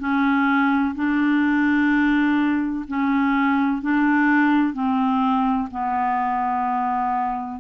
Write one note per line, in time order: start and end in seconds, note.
0.00 0.95 C#4
0.95 2.86 D4
2.88 3.82 C#4
3.82 4.74 D4
4.74 5.69 C4
5.71 7.61 B3